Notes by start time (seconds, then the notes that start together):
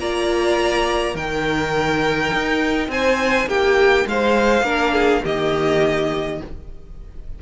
0.00 A#3 F4 D5 A#5
1.14 D#3 D#4 A#4 G5
2.33 D#4
2.88 C4 C5 G#5
3.47 A#3 G4 G5
4.06 G#3 C5 F5
4.62 A#3 D4 A#4
4.94 G#4
5.23 D#3 A#3 G4 D#5